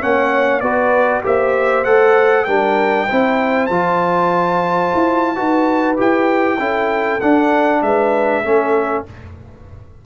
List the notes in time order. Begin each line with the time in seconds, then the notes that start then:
0.00 A#3 C#4 C#5 F#5
0.60 B3 F#4 B4 D5
1.23 A#3 G4 C5 E5
1.84 A3 A4 F#5
2.45 G3 D4 A#4 G5
3.05 E4 C5
3.11 C4
3.66 F3 F4 A5
4.94 E4
5.35 D#4 F#4 B4
5.96 E4 G4 G5
6.59 C#4 E4 A4
7.21 D4 F#5
7.82 G#3 B4 E5
8.43 A3 C#4 A4